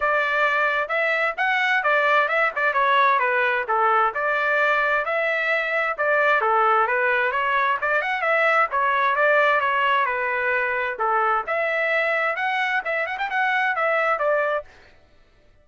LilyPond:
\new Staff \with { instrumentName = "trumpet" } { \time 4/4 \tempo 4 = 131 d''2 e''4 fis''4 | d''4 e''8 d''8 cis''4 b'4 | a'4 d''2 e''4~ | e''4 d''4 a'4 b'4 |
cis''4 d''8 fis''8 e''4 cis''4 | d''4 cis''4 b'2 | a'4 e''2 fis''4 | e''8 fis''16 g''16 fis''4 e''4 d''4 | }